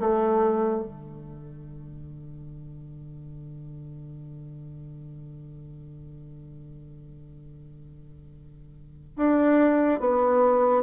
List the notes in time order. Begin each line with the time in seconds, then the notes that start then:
0.00 A3
0.83 D3
9.17 D4
10.00 B3